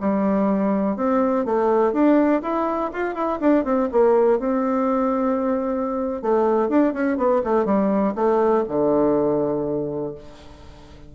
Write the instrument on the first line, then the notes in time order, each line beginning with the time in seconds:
bassoon
0.00 G3
0.96 C4
1.45 A3
1.92 D4
2.42 E4
2.93 F4
3.14 E4
3.40 D4
3.64 C4
3.92 A#3
4.39 C4
6.22 A3
6.69 D4
6.93 C#4
7.17 B3
7.44 A3
7.65 G3
8.15 A3
8.68 D3